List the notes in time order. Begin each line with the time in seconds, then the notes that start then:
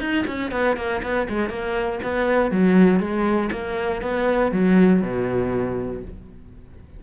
0.00 D#4
0.27 C#4
0.51 B3
0.76 A#3
1.02 B3
1.29 G#3
1.49 A#3
2.02 B3
2.51 F#3
3.00 G#3
3.51 A#3
4.01 B3
4.51 F#3
5.01 B2